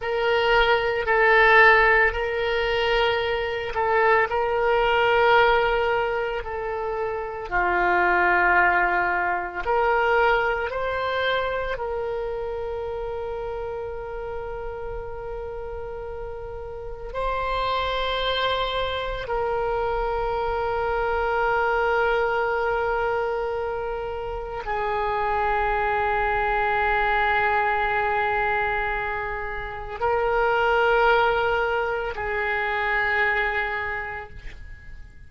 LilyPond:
\new Staff \with { instrumentName = "oboe" } { \time 4/4 \tempo 4 = 56 ais'4 a'4 ais'4. a'8 | ais'2 a'4 f'4~ | f'4 ais'4 c''4 ais'4~ | ais'1 |
c''2 ais'2~ | ais'2. gis'4~ | gis'1 | ais'2 gis'2 | }